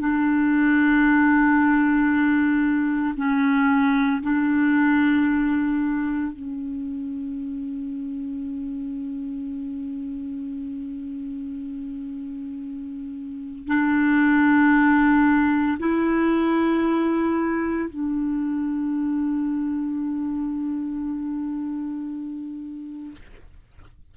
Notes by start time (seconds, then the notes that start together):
0.00 D4
3.17 C#4
4.22 D4
6.33 C#4
13.68 D4
15.79 E4
17.90 D4